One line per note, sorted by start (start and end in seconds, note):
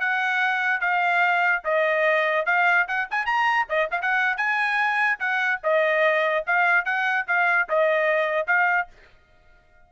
0.00 0.81 F#5
0.81 1.63 F5
1.65 2.46 D#5
2.46 2.87 F5
2.88 3.09 F#5
3.11 3.26 G#5
3.26 3.67 A#5
3.69 3.90 D#5
3.91 4.01 F5
4.02 4.37 F#5
4.37 5.19 G#5
5.20 5.61 F#5
5.64 6.45 D#5
6.47 6.85 F5
6.85 7.26 F#5
7.28 7.68 F5
7.69 8.47 D#5
8.47 8.88 F5